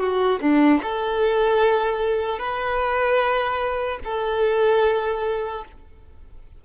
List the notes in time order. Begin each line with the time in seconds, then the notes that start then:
0.00 F#4
0.41 D4
0.83 A4
2.39 B4
4.05 A4